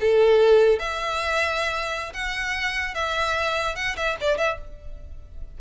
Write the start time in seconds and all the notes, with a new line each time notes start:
0.00 A4
0.79 E5
2.13 F#5
2.94 E5
3.75 F#5
3.96 E5
4.20 D5
4.37 E5